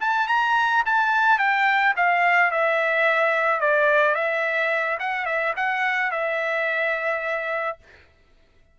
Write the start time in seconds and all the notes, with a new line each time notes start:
0.00 A5
0.27 A#5
0.85 A5
1.38 G5
1.96 F5
2.51 E5
3.60 D5
4.14 E5
4.99 F#5
5.25 E5
5.56 F#5
6.11 E5